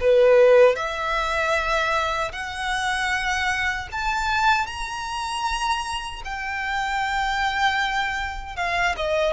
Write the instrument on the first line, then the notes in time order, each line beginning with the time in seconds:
violin
0.00 B4
0.75 E5
2.32 F#5
3.91 A5
4.66 A#5
6.24 G5
8.56 F5
8.96 D#5